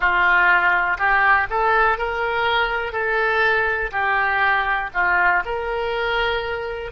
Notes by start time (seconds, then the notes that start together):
0.00 F4
0.97 G4
1.50 A4
1.98 A#4
2.92 A4
3.91 G4
4.94 F4
5.45 A#4